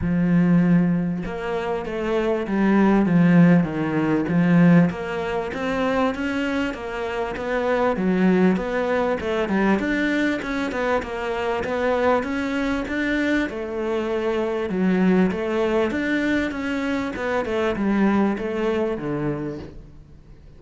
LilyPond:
\new Staff \with { instrumentName = "cello" } { \time 4/4 \tempo 4 = 98 f2 ais4 a4 | g4 f4 dis4 f4 | ais4 c'4 cis'4 ais4 | b4 fis4 b4 a8 g8 |
d'4 cis'8 b8 ais4 b4 | cis'4 d'4 a2 | fis4 a4 d'4 cis'4 | b8 a8 g4 a4 d4 | }